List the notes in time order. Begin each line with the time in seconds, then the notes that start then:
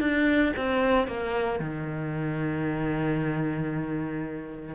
0.00 D4
0.56 C4
1.07 A#3
1.59 D#3